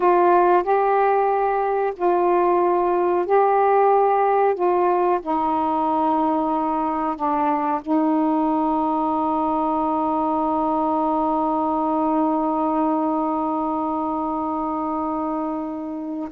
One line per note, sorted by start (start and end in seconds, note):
0.00 0.63 F4
0.63 1.93 G4
1.96 3.25 F4
3.25 4.54 G4
4.54 5.19 F4
5.22 7.16 D#4
7.16 7.81 D4
7.81 16.29 D#4